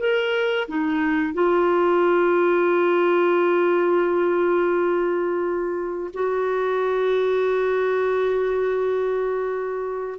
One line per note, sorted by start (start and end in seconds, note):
0.00 0.68 A#4
0.69 1.34 D#4
1.34 6.11 F4
6.14 10.20 F#4